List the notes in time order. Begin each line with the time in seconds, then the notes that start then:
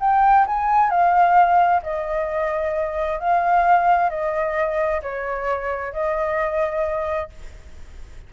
0.00 G5
0.46 G#5
0.90 F5
1.83 D#5
3.19 F5
4.10 D#5
5.02 C#5
5.93 D#5